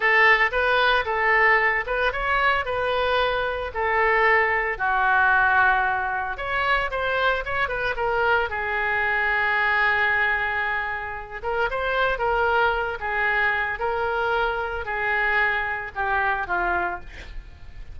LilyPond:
\new Staff \with { instrumentName = "oboe" } { \time 4/4 \tempo 4 = 113 a'4 b'4 a'4. b'8 | cis''4 b'2 a'4~ | a'4 fis'2. | cis''4 c''4 cis''8 b'8 ais'4 |
gis'1~ | gis'4. ais'8 c''4 ais'4~ | ais'8 gis'4. ais'2 | gis'2 g'4 f'4 | }